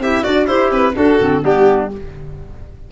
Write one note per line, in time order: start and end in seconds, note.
0.00 0.23 C4
0.00 0.26 E4
0.00 0.23 G4
0.00 0.24 E5
0.23 0.50 D4
0.23 0.47 F#4
0.23 0.49 F#4
0.23 0.47 D5
0.47 0.94 E4
0.47 0.71 E4
0.47 0.93 G4
0.47 0.71 C5
0.71 0.95 C4
0.71 0.96 B4
0.93 1.17 D4
0.93 1.20 D4
0.93 1.43 F#4
0.93 1.45 A4
1.19 1.44 D3
1.19 1.42 C4
1.42 1.91 G3
1.42 1.89 B3
1.42 1.92 D4
1.42 1.92 G4